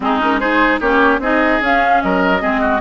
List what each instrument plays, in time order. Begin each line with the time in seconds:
0.00 bassoon G#3, clarinet C4, oboe D#4, flute G#4
0.20 clarinet C#4, flute A#4
0.39 clarinet D#4, oboe G#4, flute C5
0.79 bassoon A#3, clarinet C#4, oboe G4, flute C#5
1.19 bassoon C4, clarinet D#4, oboe G#4, flute D#5
1.61 bassoon C#4, clarinet C#4, flute F5
2.02 bassoon F#3, oboe A#4, flute D#5
2.40 bassoon G#3, clarinet C4, oboe G#4
2.60 oboe F#4